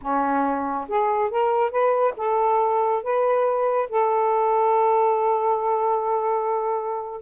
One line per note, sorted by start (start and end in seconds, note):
0.01 0.88 C#4
0.88 1.30 G#4
1.30 1.71 A#4
1.71 2.14 B4
2.16 3.03 A4
3.03 3.89 B4
3.89 7.21 A4